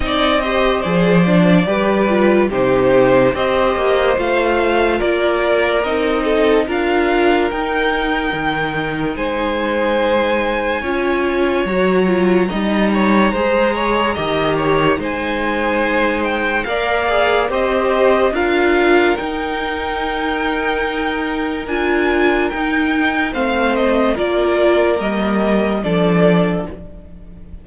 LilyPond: <<
  \new Staff \with { instrumentName = "violin" } { \time 4/4 \tempo 4 = 72 dis''4 d''2 c''4 | dis''4 f''4 d''4 dis''4 | f''4 g''2 gis''4~ | gis''2 ais''2~ |
ais''2 gis''4. g''8 | f''4 dis''4 f''4 g''4~ | g''2 gis''4 g''4 | f''8 dis''8 d''4 dis''4 d''4 | }
  \new Staff \with { instrumentName = "violin" } { \time 4/4 d''8 c''4. b'4 g'4 | c''2 ais'4. a'8 | ais'2. c''4~ | c''4 cis''2 dis''8 cis''8 |
c''8 cis''8 dis''8 cis''8 c''2 | d''4 c''4 ais'2~ | ais'1 | c''4 ais'2 a'4 | }
  \new Staff \with { instrumentName = "viola" } { \time 4/4 dis'8 g'8 gis'8 d'8 g'8 f'8 dis'4 | g'4 f'2 dis'4 | f'4 dis'2.~ | dis'4 f'4 fis'8 f'8 dis'4 |
gis'4 g'4 dis'2 | ais'8 gis'8 g'4 f'4 dis'4~ | dis'2 f'4 dis'4 | c'4 f'4 ais4 d'4 | }
  \new Staff \with { instrumentName = "cello" } { \time 4/4 c'4 f4 g4 c4 | c'8 ais8 a4 ais4 c'4 | d'4 dis'4 dis4 gis4~ | gis4 cis'4 fis4 g4 |
gis4 dis4 gis2 | ais4 c'4 d'4 dis'4~ | dis'2 d'4 dis'4 | a4 ais4 g4 f4 | }
>>